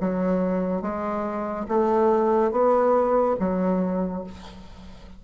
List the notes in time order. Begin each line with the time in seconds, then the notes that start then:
0.00 F#3
0.81 G#3
1.68 A3
2.51 B3
3.39 F#3